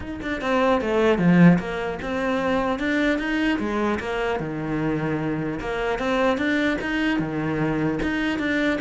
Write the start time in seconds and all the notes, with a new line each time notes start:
0.00 D#4
0.21 D4
0.41 C4
0.81 A3
1.18 F3
1.59 A#3
2.02 C4
2.79 D4
3.18 D#4
3.59 G#3
3.99 A#3
4.39 D#3
5.59 A#3
5.98 C4
6.37 D4
6.81 D#4
7.19 D#3
8.02 D#4
8.38 D4